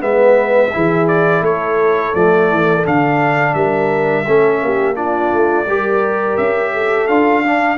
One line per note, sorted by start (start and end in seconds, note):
0.00 0.72 G#3
0.00 0.71 B3
0.00 0.74 B4
0.00 1.08 E5
0.73 1.41 E3
0.73 2.14 E4
0.73 1.43 G#4
1.08 1.43 D5
1.41 2.12 A3
1.41 3.54 A4
1.41 2.15 C#5
2.14 2.50 F3
2.14 2.84 A3
2.14 2.85 D5
2.50 2.85 E3
2.84 3.54 D3
2.84 4.25 D4
2.84 3.54 F5
3.54 4.25 G3
3.54 4.26 A#4
3.54 4.96 E5
4.27 4.62 A3
4.27 4.95 C#4
4.27 4.62 A4
4.62 5.33 A#3
4.62 4.96 G4
4.95 5.65 D4
4.95 5.67 F4
4.95 6.37 D5
5.33 5.67 A3
5.67 6.38 G3
5.67 7.09 G4
5.67 6.73 A#4
6.37 7.09 C#4
6.37 7.07 E5
6.73 7.44 A4
7.07 7.78 D4
7.07 7.44 F4
7.07 7.78 F5
7.45 7.78 D4
7.45 7.78 F5